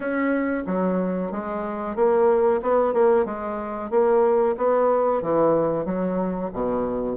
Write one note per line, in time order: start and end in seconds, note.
0.00 0.63 C#4
0.66 1.31 F#3
1.31 1.95 G#3
1.95 2.61 A#3
2.61 2.93 B3
2.93 3.25 A#3
3.25 3.90 G#3
3.90 4.55 A#3
4.57 5.22 B3
5.22 5.85 E3
5.85 6.50 F#3
6.52 7.17 B2